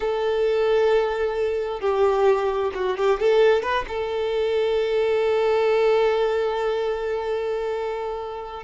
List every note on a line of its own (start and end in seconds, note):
0.00 1.80 A4
1.80 2.71 G4
2.74 2.97 F#4
2.97 3.19 G4
3.20 3.62 A4
3.62 3.85 B4
3.87 8.63 A4